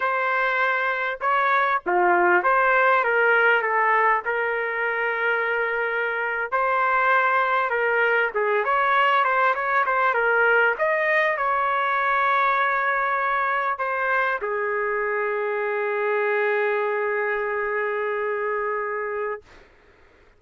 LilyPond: \new Staff \with { instrumentName = "trumpet" } { \time 4/4 \tempo 4 = 99 c''2 cis''4 f'4 | c''4 ais'4 a'4 ais'4~ | ais'2~ ais'8. c''4~ c''16~ | c''8. ais'4 gis'8 cis''4 c''8 cis''16~ |
cis''16 c''8 ais'4 dis''4 cis''4~ cis''16~ | cis''2~ cis''8. c''4 gis'16~ | gis'1~ | gis'1 | }